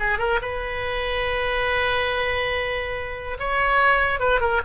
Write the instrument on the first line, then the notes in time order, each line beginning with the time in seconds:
oboe
0.00 G#4
0.19 A#4
0.42 B4
3.39 C#5
4.20 B4
4.41 A#4